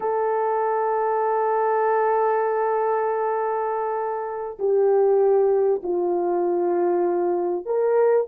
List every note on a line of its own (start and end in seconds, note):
0.00 4.57 A4
4.59 5.81 G4
5.83 7.65 F4
7.65 8.26 A#4